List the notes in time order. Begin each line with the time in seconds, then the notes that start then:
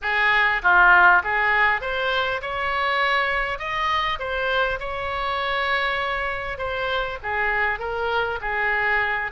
0.01 G#4
0.62 F4
1.23 G#4
1.81 C5
2.41 C#5
3.58 D#5
4.19 C5
4.79 C#5
6.58 C5
7.22 G#4
7.79 A#4
8.41 G#4